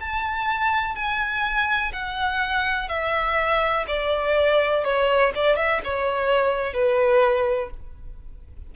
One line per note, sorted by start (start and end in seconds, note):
0.00 0.95 A5
0.95 1.92 G#5
1.93 2.89 F#5
2.89 3.85 E5
3.88 4.84 D5
4.84 5.33 C#5
5.35 5.56 D5
5.56 5.81 E5
5.84 6.73 C#5
6.73 7.70 B4